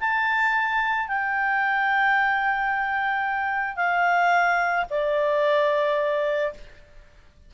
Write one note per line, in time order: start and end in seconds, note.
0.00 1.08 A5
1.08 3.76 G5
3.76 4.85 F5
4.90 6.54 D5